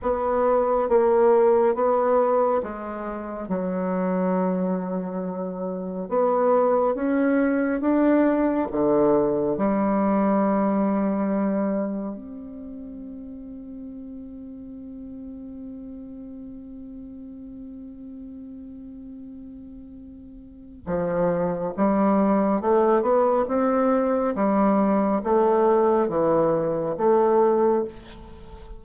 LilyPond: \new Staff \with { instrumentName = "bassoon" } { \time 4/4 \tempo 4 = 69 b4 ais4 b4 gis4 | fis2. b4 | cis'4 d'4 d4 g4~ | g2 c'2~ |
c'1~ | c'1 | f4 g4 a8 b8 c'4 | g4 a4 e4 a4 | }